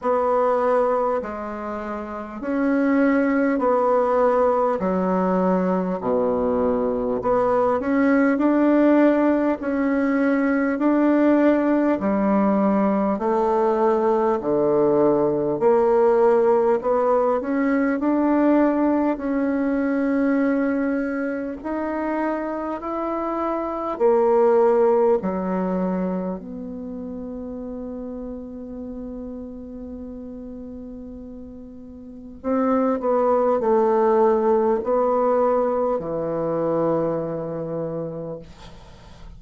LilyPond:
\new Staff \with { instrumentName = "bassoon" } { \time 4/4 \tempo 4 = 50 b4 gis4 cis'4 b4 | fis4 b,4 b8 cis'8 d'4 | cis'4 d'4 g4 a4 | d4 ais4 b8 cis'8 d'4 |
cis'2 dis'4 e'4 | ais4 fis4 b2~ | b2. c'8 b8 | a4 b4 e2 | }